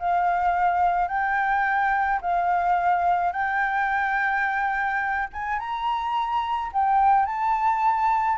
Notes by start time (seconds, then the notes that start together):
0.00 F5
1.08 G5
2.22 F5
3.32 G5
5.33 G#5
5.59 A#5
6.73 G5
7.26 A5